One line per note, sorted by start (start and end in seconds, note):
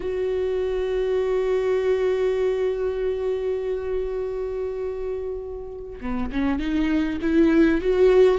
0.00 5.99 F#4
6.00 6.30 B3
6.32 6.59 C#4
6.59 7.19 D#4
7.21 7.81 E4
7.81 8.38 F#4